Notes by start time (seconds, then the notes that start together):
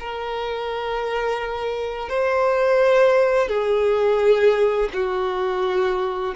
0.00 A#4
2.10 C5
3.48 G#4
4.94 F#4